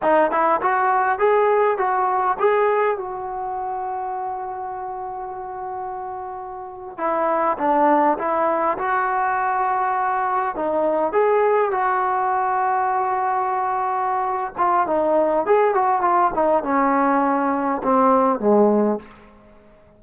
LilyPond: \new Staff \with { instrumentName = "trombone" } { \time 4/4 \tempo 4 = 101 dis'8 e'8 fis'4 gis'4 fis'4 | gis'4 fis'2.~ | fis'2.~ fis'8. e'16~ | e'8. d'4 e'4 fis'4~ fis'16~ |
fis'4.~ fis'16 dis'4 gis'4 fis'16~ | fis'1~ | fis'8 f'8 dis'4 gis'8 fis'8 f'8 dis'8 | cis'2 c'4 gis4 | }